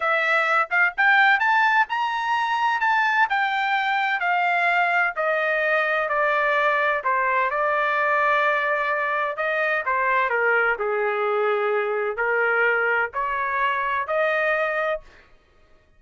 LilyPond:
\new Staff \with { instrumentName = "trumpet" } { \time 4/4 \tempo 4 = 128 e''4. f''8 g''4 a''4 | ais''2 a''4 g''4~ | g''4 f''2 dis''4~ | dis''4 d''2 c''4 |
d''1 | dis''4 c''4 ais'4 gis'4~ | gis'2 ais'2 | cis''2 dis''2 | }